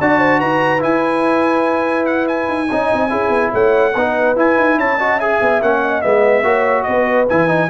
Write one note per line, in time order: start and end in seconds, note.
0.00 0.41 D4
0.00 0.79 F#4
0.00 0.18 D5
0.00 0.40 A5
0.18 0.39 C5
0.39 0.83 D#4
0.39 2.68 B4
0.39 0.82 A#5
0.79 2.67 E4
0.79 2.48 E4
0.79 2.05 G#5
2.05 2.26 F#5
2.28 3.53 G#5
2.48 2.69 D#4
2.70 2.92 C#4
2.70 3.09 D#4
2.70 3.10 D#5
2.92 3.12 C4
3.09 3.29 C#4
3.09 3.92 E4
3.09 3.52 G#4
3.29 3.49 B3
3.53 3.95 A3
3.53 3.95 C#5
3.53 4.37 F#5
3.95 4.36 B3
3.95 4.36 D#4
3.95 4.78 B4
4.36 4.98 E4
4.36 4.56 E4
4.36 4.79 G#5
4.56 4.77 D#4
4.77 5.39 C#4
4.77 4.98 C#5
4.77 5.19 A5
4.98 5.20 F#4
4.98 5.17 D#5
5.17 5.62 G#4
5.17 5.80 E5
5.17 5.61 G#5
5.41 5.61 B3
5.61 6.02 A#3
5.61 6.02 C#4
5.61 6.01 F#5
5.82 6.44 D#5
6.01 6.43 G#3
6.01 6.43 B3
6.01 6.83 E5
6.43 6.84 A#3
6.43 7.26 F#4
6.43 6.86 C#5
6.83 7.29 B3
6.83 7.69 B4
6.83 7.24 D#5
7.29 7.69 E3
7.29 7.47 E4
7.29 7.69 G#5
7.47 7.68 D#4